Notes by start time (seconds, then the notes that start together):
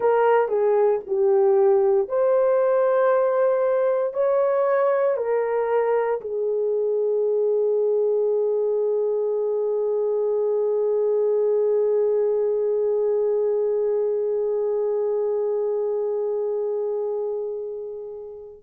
0.00 A#4
0.48 G#4
1.06 G4
2.08 C5
4.13 C#5
5.16 A#4
6.21 G#4